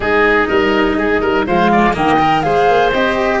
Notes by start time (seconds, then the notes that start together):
0.00 G#3 D#4 G#4 D#5
0.48 G3 A#4
0.96 G#3 G#4
1.20 G3 A#4
1.46 F3 G#3 C5 F5
1.72 D5
1.93 D#3 A#3 D#5 G5
2.19 A#4
2.41 G#3 G#4 C5 F5
2.68 A#3
2.92 C4 G4 D#5